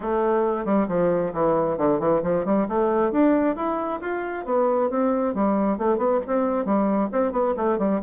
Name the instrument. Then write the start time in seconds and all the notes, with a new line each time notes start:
bassoon
0.00 A3
0.65 G3
0.88 F3
1.33 E3
1.77 D3
1.99 E3
2.22 F3
2.45 G3
2.68 A3
3.11 D4
3.56 E4
4.00 F4
4.45 B3
4.90 C4
5.34 G3
5.78 A3
5.97 B3
6.26 C4
6.65 G3
7.12 C4
7.32 B3
7.56 A3
7.78 G3